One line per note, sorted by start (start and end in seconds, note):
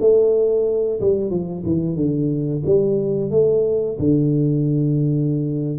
0.00 1.00 A3
1.01 1.30 G3
1.30 1.64 F3
1.65 1.96 E3
1.96 2.63 D3
2.66 3.31 G3
3.31 3.98 A3
3.99 5.79 D3